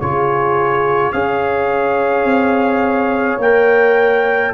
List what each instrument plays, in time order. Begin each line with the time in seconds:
0.00 tuba C#3, trombone F4, horn G#4, trumpet C#5
1.12 tuba C#4, trombone G#4, horn C#5, trumpet F5
2.24 tuba C4
3.38 tuba A#3, trombone A#4, trumpet G5